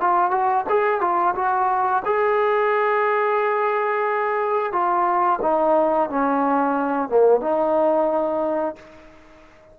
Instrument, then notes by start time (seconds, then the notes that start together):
trombone
0.00 F4
0.30 F#4
0.69 G#4
1.01 F4
1.35 F#4
2.05 G#4
4.72 F4
5.42 D#4
6.09 C#4
7.08 A#3
7.40 D#4